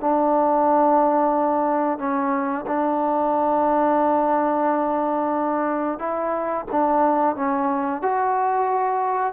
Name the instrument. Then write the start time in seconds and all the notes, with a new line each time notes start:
trombone
0.00 D4
1.98 C#4
2.66 D4
5.99 E4
6.72 D4
7.35 C#4
8.02 F#4